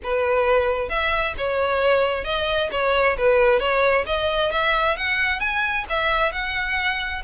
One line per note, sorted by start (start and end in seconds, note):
0.03 0.89 B4
0.89 1.34 E5
1.37 2.24 C#5
2.24 2.69 D#5
2.71 3.16 C#5
3.17 3.59 B4
3.59 4.04 C#5
4.06 4.51 D#5
4.51 4.96 E5
4.96 5.40 F#5
5.40 5.85 G#5
5.89 6.32 E5
6.32 7.22 F#5